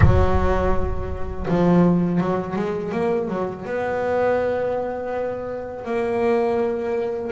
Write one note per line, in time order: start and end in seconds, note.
0.00 1.46 F#3
1.48 2.20 F3
2.20 2.56 F#3
2.56 2.92 G#3
2.92 3.28 A#3
3.28 3.65 F#3
3.65 5.84 B3
5.84 7.31 A#3